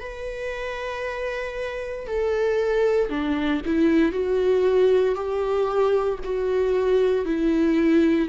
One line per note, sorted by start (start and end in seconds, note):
0.00 2.07 B4
2.07 3.09 A4
3.09 3.61 D4
3.65 4.12 E4
4.12 5.15 F#4
5.15 6.18 G4
6.24 7.25 F#4
7.25 8.29 E4